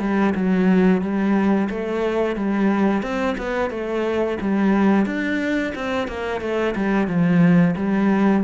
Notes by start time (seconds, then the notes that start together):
0.00 G3
0.35 F#3
1.01 G3
1.70 A3
2.36 G3
3.03 C4
3.38 B3
3.70 A3
4.41 G3
5.06 D4
5.75 C4
6.08 A#3
6.41 A3
6.76 G3
7.08 F3
7.77 G3